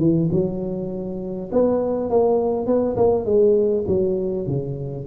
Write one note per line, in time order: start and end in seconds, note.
0.00 0.30 E3
0.32 1.51 F#3
1.52 2.11 B3
2.11 2.67 A#3
2.67 2.96 B3
2.97 3.26 A#3
3.26 3.85 G#3
3.88 4.47 F#3
4.47 5.07 C#3